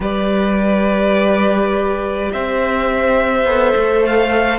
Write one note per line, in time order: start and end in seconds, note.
0.00 2.29 G3
0.00 3.46 G4
0.00 2.32 B4
0.00 2.32 D5
2.32 3.44 C4
2.32 4.58 C5
2.32 4.05 E5
3.44 3.73 B3
3.44 4.58 A4
3.76 4.58 A3
4.06 4.58 F5